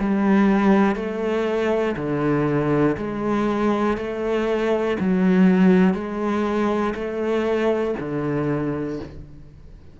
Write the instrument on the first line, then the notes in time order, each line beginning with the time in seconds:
cello
0.00 G3
0.96 A3
1.97 D3
2.97 G#3
3.98 A3
5.00 F#3
5.95 G#3
6.95 A3
8.00 D3